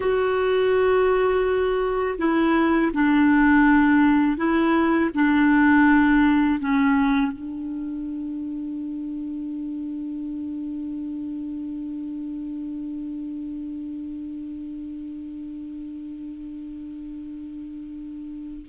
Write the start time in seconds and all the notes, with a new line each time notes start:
0.00 F#4
2.18 E4
2.93 D4
4.37 E4
5.14 D4
6.59 C#4
7.32 D4